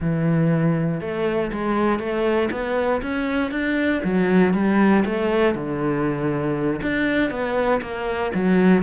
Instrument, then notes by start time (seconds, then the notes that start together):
cello
0.00 E3
1.00 A3
1.51 G#3
1.99 A3
2.51 B3
3.01 C#4
3.51 D4
4.04 F#3
4.53 G3
5.05 A3
5.55 D3
6.82 D4
7.30 B3
7.81 A#3
8.34 F#3